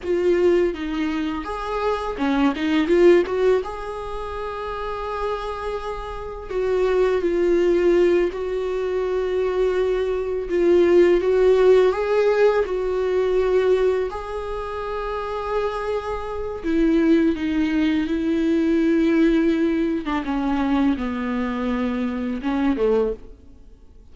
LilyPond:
\new Staff \with { instrumentName = "viola" } { \time 4/4 \tempo 4 = 83 f'4 dis'4 gis'4 cis'8 dis'8 | f'8 fis'8 gis'2.~ | gis'4 fis'4 f'4. fis'8~ | fis'2~ fis'8 f'4 fis'8~ |
fis'8 gis'4 fis'2 gis'8~ | gis'2. e'4 | dis'4 e'2~ e'8. d'16 | cis'4 b2 cis'8 a8 | }